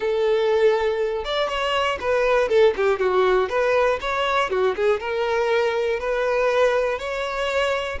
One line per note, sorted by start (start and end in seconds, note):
0.00 1.24 A4
1.24 1.48 D5
1.48 1.98 C#5
2.00 2.49 B4
2.49 2.74 A4
2.76 2.99 G4
2.99 3.49 F#4
3.49 3.99 B4
4.00 4.50 C#5
4.50 4.75 F#4
4.76 5.00 G#4
5.00 5.99 A#4
5.99 6.98 B4
6.98 7.98 C#5